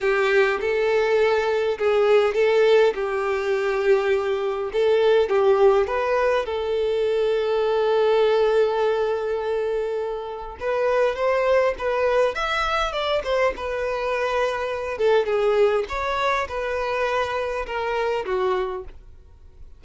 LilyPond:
\new Staff \with { instrumentName = "violin" } { \time 4/4 \tempo 4 = 102 g'4 a'2 gis'4 | a'4 g'2. | a'4 g'4 b'4 a'4~ | a'1~ |
a'2 b'4 c''4 | b'4 e''4 d''8 c''8 b'4~ | b'4. a'8 gis'4 cis''4 | b'2 ais'4 fis'4 | }